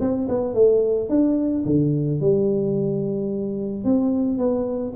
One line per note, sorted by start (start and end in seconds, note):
0.00 0.28 C4
0.28 0.54 B3
0.54 1.09 A3
1.09 1.64 D4
1.65 2.20 D3
2.20 3.84 G3
3.84 4.38 C4
4.38 4.93 B3